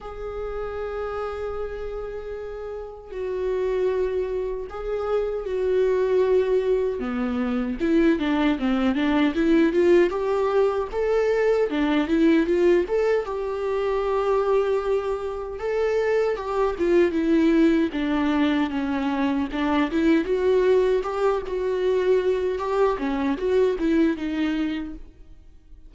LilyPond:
\new Staff \with { instrumentName = "viola" } { \time 4/4 \tempo 4 = 77 gis'1 | fis'2 gis'4 fis'4~ | fis'4 b4 e'8 d'8 c'8 d'8 | e'8 f'8 g'4 a'4 d'8 e'8 |
f'8 a'8 g'2. | a'4 g'8 f'8 e'4 d'4 | cis'4 d'8 e'8 fis'4 g'8 fis'8~ | fis'4 g'8 cis'8 fis'8 e'8 dis'4 | }